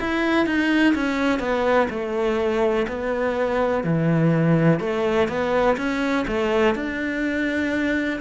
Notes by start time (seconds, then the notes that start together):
0.00 E4
0.46 D#4
0.95 C#4
1.39 B3
1.90 A3
2.88 B3
3.84 E3
4.79 A3
5.28 B3
5.77 C#4
6.27 A3
6.75 D4